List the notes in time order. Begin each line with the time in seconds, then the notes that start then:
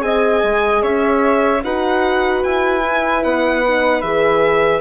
0.00 C4 G#4 D#5 G#5
0.43 G#3
0.83 C#4 C#5 E5
1.63 D#4 F#4 B4 F#5
2.43 E4 G#5
2.83 E4
3.23 B3 F#5
3.64 D#4
4.02 E3 G#4 E5